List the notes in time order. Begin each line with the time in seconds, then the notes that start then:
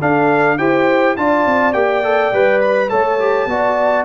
0.00 D4 A4 F5
0.58 E4 G4 C5 G5
1.17 D4 F4 D5 A5
1.46 C4
1.73 A#3 G4 G5
2.04 A4
2.33 G3 B4
2.61 B5
2.89 A3 A4 C#5 A5
3.20 G4
3.46 B3 F#4 D5